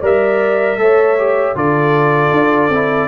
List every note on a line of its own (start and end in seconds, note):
0.00 0.77 G3
0.00 0.78 A#4
0.00 0.77 D5
0.00 1.57 E5
0.77 1.54 A3
0.77 1.17 A4
0.77 1.56 C#5
1.18 1.55 G4
1.55 2.31 D3
1.55 2.71 F4
1.55 3.08 A4
1.55 3.08 D5
2.31 2.69 D4
2.69 3.07 C4
2.69 3.08 E4